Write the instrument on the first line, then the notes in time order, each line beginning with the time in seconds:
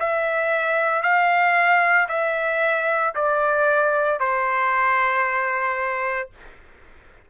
trumpet
0.00 E5
1.02 F5
2.09 E5
3.15 D5
4.20 C5